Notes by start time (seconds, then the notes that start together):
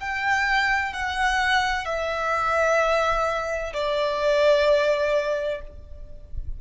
0.00 G5
0.92 F#5
1.85 E5
3.73 D5